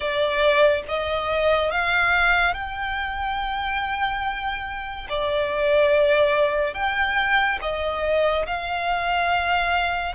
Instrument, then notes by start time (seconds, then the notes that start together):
violin
0.00 D5
0.88 D#5
1.71 F5
2.54 G5
5.09 D5
6.74 G5
7.61 D#5
8.46 F5